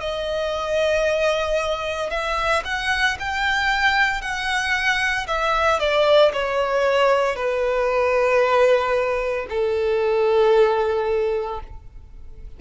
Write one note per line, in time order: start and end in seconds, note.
0.00 2.10 D#5
2.10 2.63 E5
2.65 3.17 F#5
3.19 4.21 G5
4.21 5.26 F#5
5.28 5.79 E5
5.79 6.32 D5
6.33 7.36 C#5
7.36 9.46 B4
9.49 11.60 A4